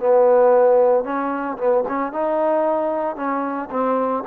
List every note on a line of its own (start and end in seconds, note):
0.00 1.05 B3
1.05 1.58 C#4
1.58 1.85 B3
1.88 2.13 C#4
2.13 3.17 D#4
3.17 3.70 C#4
3.71 4.24 C4